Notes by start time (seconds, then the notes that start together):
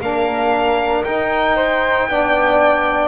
0.00 A#3 D4 A#4 F5
1.04 D#4 G5
1.55 C5
2.07 B3 D4 D5